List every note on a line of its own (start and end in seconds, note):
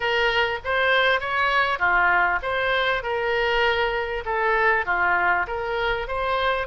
0.00 0.59 A#4
0.64 1.20 C5
1.20 1.78 C#5
1.78 2.39 F4
2.42 3.02 C5
3.02 4.23 A#4
4.25 4.85 A4
4.85 5.46 F4
5.47 6.07 A#4
6.07 6.67 C5